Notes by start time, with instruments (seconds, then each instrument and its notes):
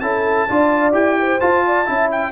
0.00 tuba C#4, trombone E4, horn A4, trumpet A5
0.49 tuba D4, trombone F4, horn D5
0.93 tuba E4, trombone G4, trumpet G5
1.20 horn C5
1.41 trombone F4, tuba F4, trumpet A5
1.66 horn D5
1.86 tuba C#4, trombone E4, horn E5
2.12 trumpet G5